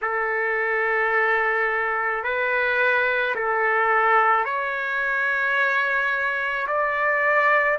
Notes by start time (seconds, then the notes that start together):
0.02 A4
2.23 B4
3.35 A4
4.44 C#5
6.67 D5